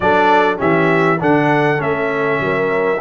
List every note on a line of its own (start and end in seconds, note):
0.00 0.58 F#3
0.00 0.57 D4
0.00 0.58 A4
0.00 0.58 D5
0.57 1.21 E3
0.57 1.17 C#4
0.57 1.18 G4
0.57 1.20 E5
1.20 1.79 D3
1.20 1.77 D4
1.20 2.41 A4
1.20 1.81 F#5
1.77 2.39 A3
1.77 2.97 C#4
1.77 3.00 E5
2.40 3.00 F#3
2.40 3.00 A#4